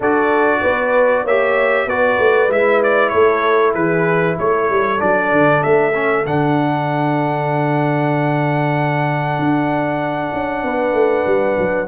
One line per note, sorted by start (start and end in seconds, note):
0.00 0.61 D4
0.00 1.27 F#4
0.00 0.60 A4
0.00 1.26 D5
0.61 1.24 B3
0.61 1.23 B4
1.23 1.86 A#3
1.23 1.88 G4
1.23 1.86 C#5
1.23 1.88 E5
1.86 2.17 B3
1.86 2.49 F#4
1.86 3.13 B4
1.86 2.51 D5
2.18 2.48 A3
2.48 3.10 G#3
2.48 4.98 E4
2.48 2.82 E5
2.83 3.09 D5
3.09 3.74 A3
3.09 3.75 A4
3.09 3.71 C#5
3.74 4.37 E3
3.74 4.37 G#4
3.74 4.36 B4
4.37 4.69 A3
4.37 10.62 A4
4.37 5.01 C#5
4.70 5.01 G3
4.98 5.32 F#3
4.98 5.92 D4
4.98 5.63 D5
5.32 5.63 D3
5.63 6.26 A3
5.63 6.25 E5
5.93 6.25 C#4
6.26 9.38 D3
6.26 11.87 D4
6.26 11.87 F#5
9.38 10.32 D4
10.33 10.63 C#4
10.63 10.93 B3
10.63 11.87 B4
10.93 11.24 A3
11.26 11.57 G3
11.58 11.87 F#3